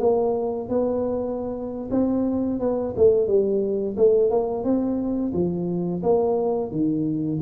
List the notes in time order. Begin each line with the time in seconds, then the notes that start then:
0.00 A#3
0.69 B3
1.91 C4
2.60 B3
2.97 A3
3.27 G3
3.97 A3
4.30 A#3
4.64 C4
5.34 F3
6.03 A#3
6.71 D#3